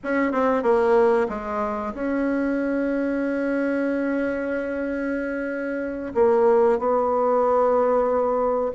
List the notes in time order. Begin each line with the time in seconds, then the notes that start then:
0.03 C#4
0.32 C4
0.62 A#3
1.28 G#3
1.94 C#4
6.14 A#3
6.78 B3